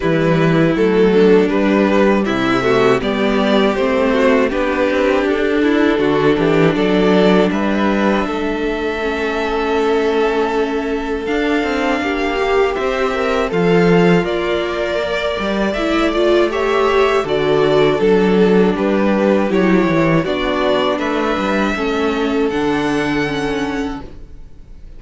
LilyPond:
<<
  \new Staff \with { instrumentName = "violin" } { \time 4/4 \tempo 4 = 80 b'4 a'4 b'4 e''4 | d''4 c''4 b'4 a'4~ | a'4 d''4 e''2~ | e''2. f''4~ |
f''4 e''4 f''4 d''4~ | d''4 e''8 d''8 e''4 d''4 | a'4 b'4 cis''4 d''4 | e''2 fis''2 | }
  \new Staff \with { instrumentName = "violin" } { \time 4/4 e'4. d'4. e'8 fis'8 | g'4. fis'8 g'4. e'8 | fis'8 g'8 a'4 b'4 a'4~ | a'1 |
g'2 f'2 | d''2 cis''4 a'4~ | a'4 g'2 fis'4 | b'4 a'2. | }
  \new Staff \with { instrumentName = "viola" } { \time 4/4 g4 a4 g4. a8 | b4 c'4 d'2~ | d'1 | cis'2. d'4~ |
d'8 g'8 c''8 ais'8 a'4 ais'4~ | ais'4 e'8 f'8 g'4 fis'4 | d'2 e'4 d'4~ | d'4 cis'4 d'4 cis'4 | }
  \new Staff \with { instrumentName = "cello" } { \time 4/4 e4 fis4 g4 c4 | g4 a4 b8 c'8 d'4 | d8 e8 fis4 g4 a4~ | a2. d'8 c'8 |
ais4 c'4 f4 ais4~ | ais8 g8 a2 d4 | fis4 g4 fis8 e8 b4 | a8 g8 a4 d2 | }
>>